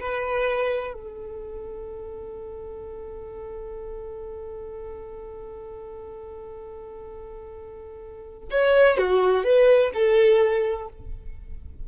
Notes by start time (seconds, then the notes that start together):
0.00 B4
0.93 A4
8.51 C#5
8.98 F#4
9.44 B4
9.94 A4